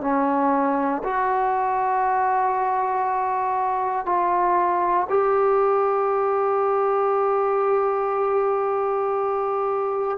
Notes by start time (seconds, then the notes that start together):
0.00 C#4
1.03 F#4
4.05 F4
5.09 G4